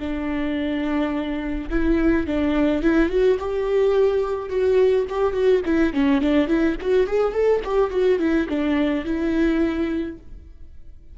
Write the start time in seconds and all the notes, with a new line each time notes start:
0.00 D4
1.70 E4
2.27 D4
2.82 E4
3.09 F#4
3.39 G4
4.49 F#4
5.09 G4
5.33 F#4
5.65 E4
5.93 C#4
6.21 D4
6.48 E4
6.81 F#4
7.07 G#4
7.33 A4
7.65 G4
7.90 F#4
8.19 E4
8.49 D4
9.05 E4